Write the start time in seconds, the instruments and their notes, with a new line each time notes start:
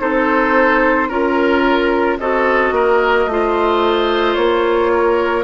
0.00 bassoon C4, clarinet D#4, oboe A4, flute C5
1.08 bassoon C#4, clarinet F4, oboe A#4, flute A#4
2.19 bassoon C4, clarinet F#4, oboe A4, flute D#5
2.71 bassoon A#3, oboe A#4
3.26 bassoon A3, clarinet F4
3.32 oboe C5
4.34 bassoon A#3, flute C#5
4.93 oboe A#4